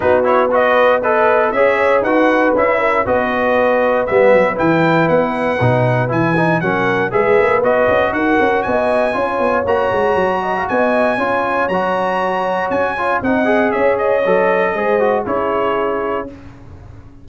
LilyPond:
<<
  \new Staff \with { instrumentName = "trumpet" } { \time 4/4 \tempo 4 = 118 b'8 cis''8 dis''4 b'4 e''4 | fis''4 e''4 dis''2 | e''4 g''4 fis''2 | gis''4 fis''4 e''4 dis''4 |
fis''4 gis''2 ais''4~ | ais''4 gis''2 ais''4~ | ais''4 gis''4 fis''4 e''8 dis''8~ | dis''2 cis''2 | }
  \new Staff \with { instrumentName = "horn" } { \time 4/4 fis'4 b'4 dis''4 cis''4 | b'4. ais'8 b'2~ | b'1~ | b'4 ais'4 b'2 |
ais'4 dis''4 cis''2~ | cis''8 dis''16 f''16 dis''4 cis''2~ | cis''2 dis''4 cis''4~ | cis''4 c''4 gis'2 | }
  \new Staff \with { instrumentName = "trombone" } { \time 4/4 dis'8 e'8 fis'4 a'4 gis'4 | fis'4 e'4 fis'2 | b4 e'2 dis'4 | e'8 dis'8 cis'4 gis'4 fis'4~ |
fis'2 f'4 fis'4~ | fis'2 f'4 fis'4~ | fis'4. f'8 dis'8 gis'4. | a'4 gis'8 fis'8 e'2 | }
  \new Staff \with { instrumentName = "tuba" } { \time 4/4 b2. cis'4 | dis'4 cis'4 b2 | g8 fis8 e4 b4 b,4 | e4 fis4 gis8 ais8 b8 cis'8 |
dis'8 cis'8 b4 cis'8 b8 ais8 gis8 | fis4 b4 cis'4 fis4~ | fis4 cis'4 c'4 cis'4 | fis4 gis4 cis'2 | }
>>